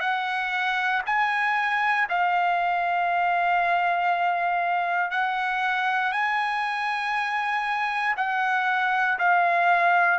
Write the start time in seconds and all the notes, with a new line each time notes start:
0.00 F#5
1.06 G#5
2.09 F5
5.11 F#5
6.12 G#5
8.17 F#5
9.19 F5